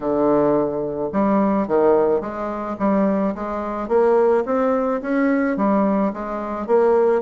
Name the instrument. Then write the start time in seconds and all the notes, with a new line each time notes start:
bassoon
0.00 D3
1.12 G3
1.67 D#3
2.20 G#3
2.78 G3
3.34 G#3
3.88 A#3
4.45 C4
5.01 C#4
5.57 G3
6.13 G#3
6.67 A#3